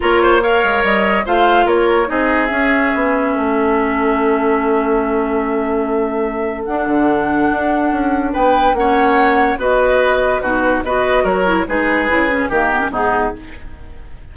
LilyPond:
<<
  \new Staff \with { instrumentName = "flute" } { \time 4/4 \tempo 4 = 144 cis''4 f''4 dis''4 f''4 | cis''4 dis''4 e''2~ | e''1~ | e''1 |
fis''1 | g''4 fis''2 dis''4~ | dis''4 b'4 dis''4 cis''4 | b'2 ais'4 gis'4 | }
  \new Staff \with { instrumentName = "oboe" } { \time 4/4 ais'8 c''8 cis''2 c''4 | ais'4 gis'2. | a'1~ | a'1~ |
a'1 | b'4 cis''2 b'4~ | b'4 fis'4 b'4 ais'4 | gis'2 g'4 dis'4 | }
  \new Staff \with { instrumentName = "clarinet" } { \time 4/4 f'4 ais'2 f'4~ | f'4 dis'4 cis'2~ | cis'1~ | cis'1 |
d'1~ | d'4 cis'2 fis'4~ | fis'4 dis'4 fis'4. e'8 | dis'4 e'8 cis'8 ais8 b16 cis'16 b4 | }
  \new Staff \with { instrumentName = "bassoon" } { \time 4/4 ais4. gis8 g4 a4 | ais4 c'4 cis'4 b4 | a1~ | a1 |
d'8 d4. d'4 cis'4 | b4 ais2 b4~ | b4 b,4 b4 fis4 | gis4 cis4 dis4 gis,4 | }
>>